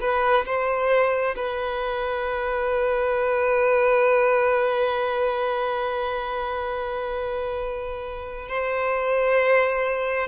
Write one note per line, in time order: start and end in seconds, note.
0.00 0.45 B4
0.46 1.35 C5
1.36 8.48 B4
8.48 10.27 C5